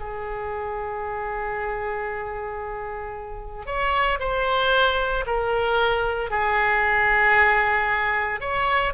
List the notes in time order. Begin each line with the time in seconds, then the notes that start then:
0.00 G#4
3.66 C#5
4.20 C5
5.27 A#4
6.31 G#4
8.41 C#5